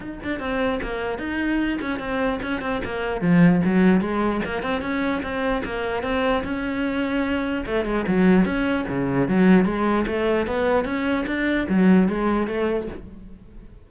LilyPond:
\new Staff \with { instrumentName = "cello" } { \time 4/4 \tempo 4 = 149 dis'8 d'8 c'4 ais4 dis'4~ | dis'8 cis'8 c'4 cis'8 c'8 ais4 | f4 fis4 gis4 ais8 c'8 | cis'4 c'4 ais4 c'4 |
cis'2. a8 gis8 | fis4 cis'4 cis4 fis4 | gis4 a4 b4 cis'4 | d'4 fis4 gis4 a4 | }